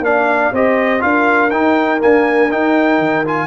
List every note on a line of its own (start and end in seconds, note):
0.00 0.50 A#3
0.00 0.53 D4
0.00 0.53 D5
0.00 0.54 F5
0.52 1.02 C4
0.52 0.99 G4
0.52 1.02 C5
0.52 1.01 D#5
0.99 1.51 D4
0.99 1.49 F4
0.99 3.47 A#4
0.99 1.50 F5
1.50 2.01 D#4
1.50 2.00 D#4
1.50 2.00 G5
2.00 2.49 A#3
2.00 2.52 D4
2.00 2.51 G#5
2.50 3.25 D#4
2.50 2.98 D#4
2.50 3.25 G5
2.98 3.47 D#3
3.25 3.47 F4
3.25 3.47 G#5